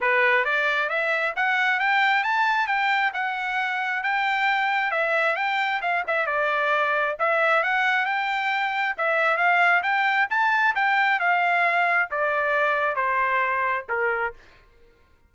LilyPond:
\new Staff \with { instrumentName = "trumpet" } { \time 4/4 \tempo 4 = 134 b'4 d''4 e''4 fis''4 | g''4 a''4 g''4 fis''4~ | fis''4 g''2 e''4 | g''4 f''8 e''8 d''2 |
e''4 fis''4 g''2 | e''4 f''4 g''4 a''4 | g''4 f''2 d''4~ | d''4 c''2 ais'4 | }